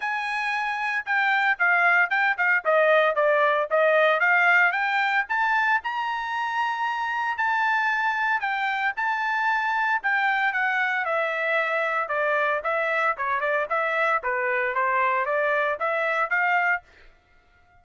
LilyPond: \new Staff \with { instrumentName = "trumpet" } { \time 4/4 \tempo 4 = 114 gis''2 g''4 f''4 | g''8 f''8 dis''4 d''4 dis''4 | f''4 g''4 a''4 ais''4~ | ais''2 a''2 |
g''4 a''2 g''4 | fis''4 e''2 d''4 | e''4 cis''8 d''8 e''4 b'4 | c''4 d''4 e''4 f''4 | }